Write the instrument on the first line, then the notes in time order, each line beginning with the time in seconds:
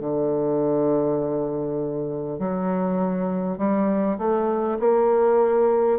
bassoon
0.00 D3
2.39 F#3
3.58 G3
4.18 A3
4.80 A#3